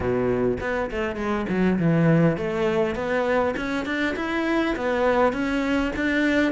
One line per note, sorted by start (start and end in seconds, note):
0.00 0.57 B2
0.60 0.90 B3
0.90 1.16 A3
1.16 1.46 G#3
1.49 1.78 F#3
1.78 2.37 E3
2.37 2.95 A3
2.95 3.54 B3
3.56 3.85 C#4
3.85 4.15 D4
4.16 4.75 E4
4.76 5.32 B3
5.32 5.92 C#4
5.95 6.52 D4